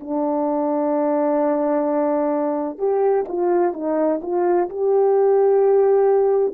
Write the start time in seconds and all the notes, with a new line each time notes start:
0.00 D4
2.78 G4
3.28 F4
3.74 D#4
4.22 F4
4.69 G4